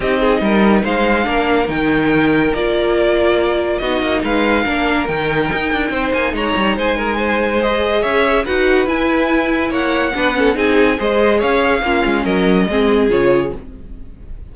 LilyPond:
<<
  \new Staff \with { instrumentName = "violin" } { \time 4/4 \tempo 4 = 142 dis''2 f''2 | g''2 d''2~ | d''4 dis''4 f''2 | g''2~ g''8 gis''8 ais''4 |
gis''2 dis''4 e''4 | fis''4 gis''2 fis''4~ | fis''4 gis''4 dis''4 f''4~ | f''4 dis''2 cis''4 | }
  \new Staff \with { instrumentName = "violin" } { \time 4/4 g'8 gis'8 ais'4 c''4 ais'4~ | ais'1~ | ais'4 fis'4 b'4 ais'4~ | ais'2 c''4 cis''4 |
c''8 ais'8 c''2 cis''4 | b'2. cis''4 | b'8 a'8 gis'4 c''4 cis''4 | f'4 ais'4 gis'2 | }
  \new Staff \with { instrumentName = "viola" } { \time 4/4 dis'2. d'4 | dis'2 f'2~ | f'4 dis'2 d'4 | dis'1~ |
dis'2 gis'2 | fis'4 e'2. | d'8 cis'8 dis'4 gis'2 | cis'2 c'4 f'4 | }
  \new Staff \with { instrumentName = "cello" } { \time 4/4 c'4 g4 gis4 ais4 | dis2 ais2~ | ais4 b8 ais8 gis4 ais4 | dis4 dis'8 d'8 c'8 ais8 gis8 g8 |
gis2. cis'4 | dis'4 e'2 ais4 | b4 c'4 gis4 cis'4 | ais8 gis8 fis4 gis4 cis4 | }
>>